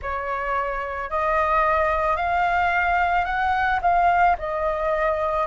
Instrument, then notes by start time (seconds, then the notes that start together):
flute
0.01 C#5
1.10 D#5
2.16 F5
3.25 F#5
3.81 F5
4.38 D#5